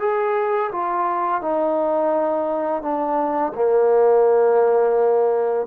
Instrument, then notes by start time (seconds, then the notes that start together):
trombone
0.00 G#4
0.72 F4
1.41 D#4
2.82 D4
3.55 A#3